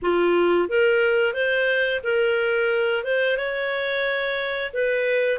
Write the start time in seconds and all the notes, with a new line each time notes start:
0.02 F4
0.68 A#4
1.33 C5
2.03 A#4
3.04 C5
3.37 C#5
4.73 B4